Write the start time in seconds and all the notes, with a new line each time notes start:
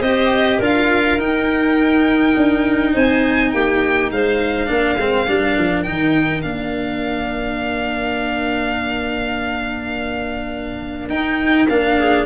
0.00 C4 G4 C5 D#5
0.58 D4 F4 A#4 F5
1.17 D#4 G5
2.36 D4
2.93 C4 C5 G#5
3.51 A#3 G4 G5
4.11 G#3 C5 F5
4.66 A#3 D4 A#4
4.97 G#3 C4
5.27 G3 D4
5.58 F3
5.83 D#3 D#4 G5
6.42 A#3 D4 F5
11.09 D#4 G5
11.68 A#3 D4 F5
11.98 G#4